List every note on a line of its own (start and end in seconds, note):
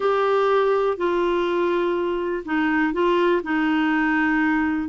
0.00 0.97 G4
0.97 2.43 F4
2.45 2.93 D#4
2.93 3.42 F4
3.43 4.88 D#4